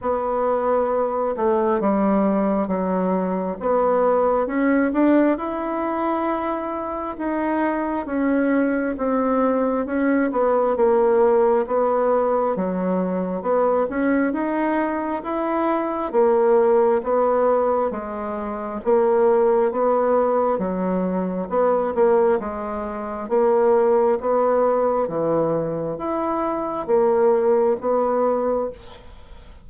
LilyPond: \new Staff \with { instrumentName = "bassoon" } { \time 4/4 \tempo 4 = 67 b4. a8 g4 fis4 | b4 cis'8 d'8 e'2 | dis'4 cis'4 c'4 cis'8 b8 | ais4 b4 fis4 b8 cis'8 |
dis'4 e'4 ais4 b4 | gis4 ais4 b4 fis4 | b8 ais8 gis4 ais4 b4 | e4 e'4 ais4 b4 | }